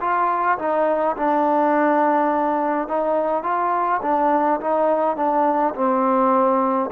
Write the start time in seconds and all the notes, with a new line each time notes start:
0.00 F4
0.58 D#4
1.16 D4
2.88 D#4
3.43 F4
4.02 D4
4.60 D#4
5.16 D4
5.75 C4